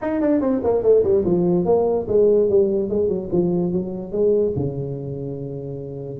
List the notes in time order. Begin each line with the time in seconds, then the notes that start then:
0.01 D#4
0.20 D4
0.40 C4
0.63 A#3
0.82 A3
1.03 G3
1.24 F3
1.65 A#3
2.07 G#3
2.49 G3
2.89 G#3
3.08 F#3
3.31 F3
3.72 F#3
4.12 G#3
4.56 C#3